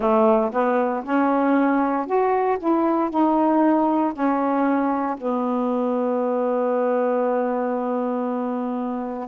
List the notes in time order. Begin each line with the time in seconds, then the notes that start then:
0.00 A3
0.51 B3
1.03 C#4
2.06 F#4
2.59 E4
3.10 D#4
4.13 C#4
5.17 B3